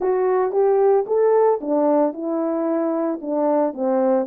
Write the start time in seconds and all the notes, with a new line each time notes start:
0.00 F#4
0.52 G4
1.06 A4
1.60 D4
2.13 E4
3.21 D4
3.73 C4